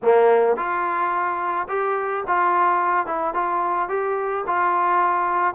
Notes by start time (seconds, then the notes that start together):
0.02 A#3
0.56 F4
1.68 G4
2.27 F4
3.06 E4
3.33 F4
3.88 G4
4.46 F4